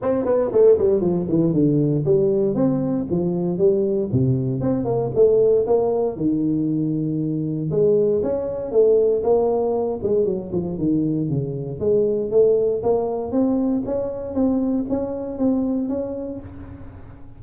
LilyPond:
\new Staff \with { instrumentName = "tuba" } { \time 4/4 \tempo 4 = 117 c'8 b8 a8 g8 f8 e8 d4 | g4 c'4 f4 g4 | c4 c'8 ais8 a4 ais4 | dis2. gis4 |
cis'4 a4 ais4. gis8 | fis8 f8 dis4 cis4 gis4 | a4 ais4 c'4 cis'4 | c'4 cis'4 c'4 cis'4 | }